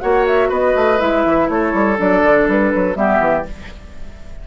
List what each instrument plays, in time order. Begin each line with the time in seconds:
0.00 bassoon A#3, clarinet F#4, oboe C#5, flute F#5
0.26 flute E5
0.49 bassoon B3, oboe B4, flute D#5
0.75 bassoon A3
0.98 bassoon G#3, clarinet E4, flute E5
1.25 bassoon E3
1.49 bassoon A3, oboe A4, flute C#5
1.73 bassoon G3
1.96 bassoon F#3, clarinet D4, flute D5
2.23 bassoon D3
2.48 bassoon G3, flute B4
2.75 bassoon F#3
2.94 bassoon G3, clarinet B3, oboe G4, flute E5
3.19 bassoon E3